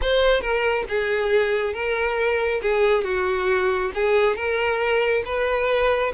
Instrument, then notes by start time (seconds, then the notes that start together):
violin
0.01 C5
0.41 A#4
0.89 G#4
1.73 A#4
2.61 G#4
3.04 F#4
3.94 G#4
4.35 A#4
5.25 B4